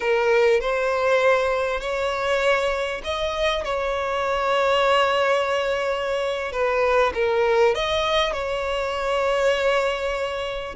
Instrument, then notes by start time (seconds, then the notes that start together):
violin
0.00 A#4
0.60 C5
1.80 C#5
3.04 D#5
3.64 C#5
6.52 B4
7.14 A#4
7.74 D#5
8.33 C#5